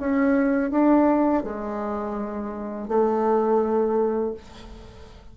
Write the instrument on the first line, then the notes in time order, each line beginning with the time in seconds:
bassoon
0.00 C#4
0.71 D4
1.44 G#3
2.88 A3